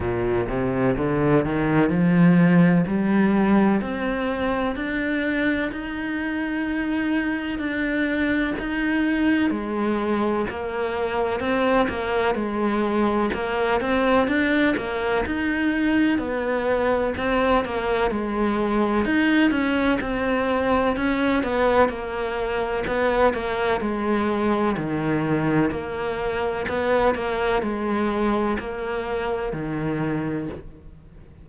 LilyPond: \new Staff \with { instrumentName = "cello" } { \time 4/4 \tempo 4 = 63 ais,8 c8 d8 dis8 f4 g4 | c'4 d'4 dis'2 | d'4 dis'4 gis4 ais4 | c'8 ais8 gis4 ais8 c'8 d'8 ais8 |
dis'4 b4 c'8 ais8 gis4 | dis'8 cis'8 c'4 cis'8 b8 ais4 | b8 ais8 gis4 dis4 ais4 | b8 ais8 gis4 ais4 dis4 | }